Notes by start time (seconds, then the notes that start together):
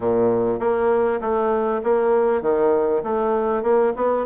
0.00 A#2
0.59 A#3
1.20 A3
1.83 A#3
2.41 D#3
3.03 A3
3.62 A#3
3.96 B3